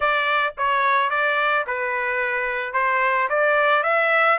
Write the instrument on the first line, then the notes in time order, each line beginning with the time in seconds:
trumpet
0.00 D5
0.57 C#5
1.10 D5
1.66 B4
2.73 C5
3.29 D5
3.83 E5